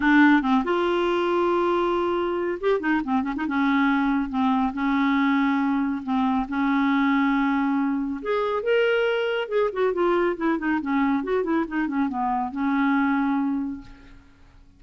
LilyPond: \new Staff \with { instrumentName = "clarinet" } { \time 4/4 \tempo 4 = 139 d'4 c'8 f'2~ f'8~ | f'2 g'8 dis'8 c'8 cis'16 dis'16 | cis'2 c'4 cis'4~ | cis'2 c'4 cis'4~ |
cis'2. gis'4 | ais'2 gis'8 fis'8 f'4 | e'8 dis'8 cis'4 fis'8 e'8 dis'8 cis'8 | b4 cis'2. | }